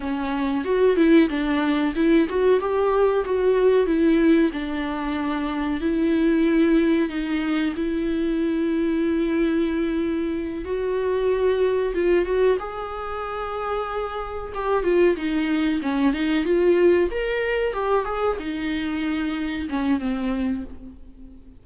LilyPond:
\new Staff \with { instrumentName = "viola" } { \time 4/4 \tempo 4 = 93 cis'4 fis'8 e'8 d'4 e'8 fis'8 | g'4 fis'4 e'4 d'4~ | d'4 e'2 dis'4 | e'1~ |
e'8 fis'2 f'8 fis'8 gis'8~ | gis'2~ gis'8 g'8 f'8 dis'8~ | dis'8 cis'8 dis'8 f'4 ais'4 g'8 | gis'8 dis'2 cis'8 c'4 | }